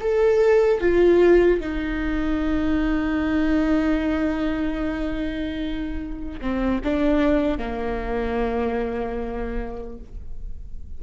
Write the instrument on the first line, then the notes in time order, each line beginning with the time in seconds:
viola
0.00 A4
0.80 F4
1.60 D#4
6.41 C4
6.83 D4
7.58 A#3